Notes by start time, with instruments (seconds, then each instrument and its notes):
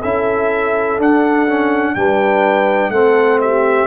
0.00 tuba C#4, trombone E4, horn A4, trumpet E5
0.98 trombone D4, tuba D4, trumpet F#5
1.48 trombone C#4
1.95 tuba G3, trombone D4, horn B4, trumpet G5
2.89 tuba A3, trombone C4, horn A4, trumpet F#5
3.41 horn G4, trumpet E5